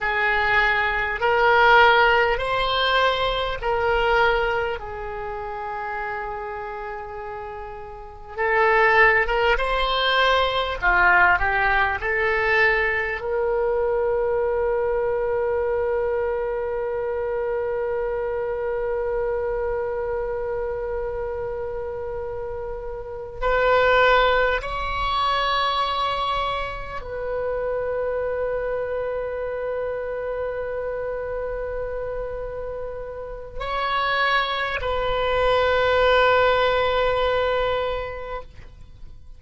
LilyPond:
\new Staff \with { instrumentName = "oboe" } { \time 4/4 \tempo 4 = 50 gis'4 ais'4 c''4 ais'4 | gis'2. a'8. ais'16 | c''4 f'8 g'8 a'4 ais'4~ | ais'1~ |
ais'2.~ ais'8 b'8~ | b'8 cis''2 b'4.~ | b'1 | cis''4 b'2. | }